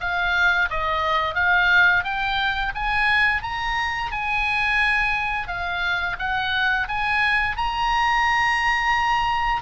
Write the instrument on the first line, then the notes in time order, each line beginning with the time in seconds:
oboe
0.00 F5
0.70 D#5
1.34 F5
2.03 G5
2.75 G#5
3.42 A#5
4.12 G#5
5.47 F5
6.18 F#5
6.88 G#5
7.56 A#5